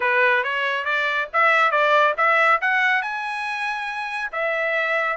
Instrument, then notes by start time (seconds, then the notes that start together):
trumpet
0.00 B4
0.43 C#5
0.84 D5
1.33 E5
1.71 D5
2.17 E5
2.61 F#5
3.01 G#5
4.31 E5